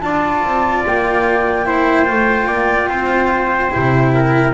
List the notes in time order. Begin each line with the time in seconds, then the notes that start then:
0.00 D4 F4 D5 A5
0.43 C4
0.86 A#3 G5
1.66 E4 C5
2.05 A3 F4
2.47 A#3 D5
2.88 C4 C5
3.70 C3 E4
4.14 A#4